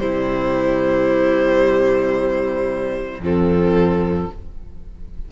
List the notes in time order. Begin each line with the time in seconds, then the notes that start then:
0.00 C3 G3 E4 C5
3.20 F2 F3 C4 A4